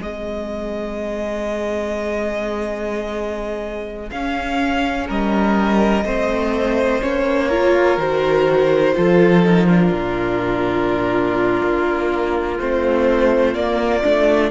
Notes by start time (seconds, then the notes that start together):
0.00 G#3 C4 G#4 D#5
4.11 C#4 F5
5.08 G3 A#4 D#5
6.05 A3 C4 C5
7.02 A#3 C#4 C#5
7.48 F4 A#4
7.98 D#3 F#4 C5
8.95 F3 F4 A4
9.44 D#4 A#4
9.68 D4 F4
9.92 A#2
11.63 A#3
12.60 A3 C4 C5
13.54 A#3 D5
14.04 A3 D4